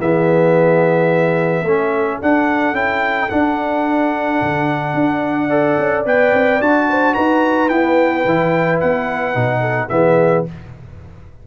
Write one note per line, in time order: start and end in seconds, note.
0.00 1.63 E3
0.00 1.65 B3
0.00 1.64 G#4
0.00 2.21 E5
1.63 2.18 A3
1.63 2.22 C#4
1.63 5.47 A4
2.22 2.72 D4
2.22 2.74 D4
2.22 2.75 F#5
2.72 3.27 C#4
2.72 3.29 E4
2.72 3.29 G5
3.29 5.50 D4
3.29 4.42 D4
3.29 6.05 F#5
4.42 4.94 D3
4.94 5.77 D4
5.47 6.05 A4
5.47 6.85 D5
5.78 6.05 C#4
6.05 6.33 B3
6.05 6.61 B4
6.05 6.62 G5
6.33 6.60 C4
6.60 7.15 D4
6.60 7.70 F#4
6.60 7.14 A5
6.89 7.14 C5
7.14 7.69 D#4
7.14 9.60 B4
7.14 7.69 A#5
7.69 8.25 B3
7.69 8.24 E4
7.69 8.79 G5
8.25 8.80 E3
8.25 9.34 E4
8.80 9.35 B3
8.80 9.89 F#5
9.34 9.90 B2
9.34 9.89 D#4
9.60 9.88 A4
9.89 10.46 E3
9.89 10.46 B3
9.89 10.47 G#4
9.89 10.44 E5